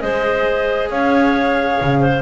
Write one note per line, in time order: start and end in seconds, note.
0.00 0.91 G#3
0.00 2.22 G#4
0.00 0.91 C5
0.00 0.89 D#5
0.91 1.80 C#4
0.91 2.01 C#5
0.91 2.22 F5
1.81 2.22 C#3
2.01 2.22 C5